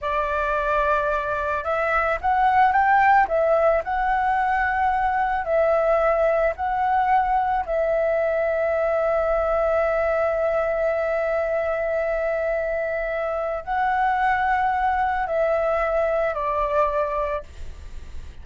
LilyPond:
\new Staff \with { instrumentName = "flute" } { \time 4/4 \tempo 4 = 110 d''2. e''4 | fis''4 g''4 e''4 fis''4~ | fis''2 e''2 | fis''2 e''2~ |
e''1~ | e''1~ | e''4 fis''2. | e''2 d''2 | }